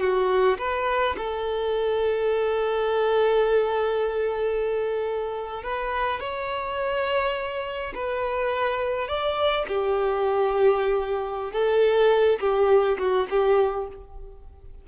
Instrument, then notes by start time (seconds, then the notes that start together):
violin
0.00 F#4
0.58 B4
1.17 A4
5.63 B4
6.20 C#5
7.95 B4
9.08 D5
9.68 G4
11.53 A4
12.40 G4
12.99 F#4
13.30 G4